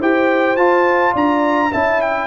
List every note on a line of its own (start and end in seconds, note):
0.00 0.58 E4
0.00 0.58 G4
0.00 1.13 C5
0.00 0.57 G5
0.57 1.15 F4
0.57 1.72 F4
0.57 1.14 A5
1.13 1.72 D4
1.13 1.70 D5
1.13 1.73 A#5
1.72 2.27 C#4
1.72 2.27 E4
1.72 2.27 E5
1.72 2.02 A5
2.02 2.27 G5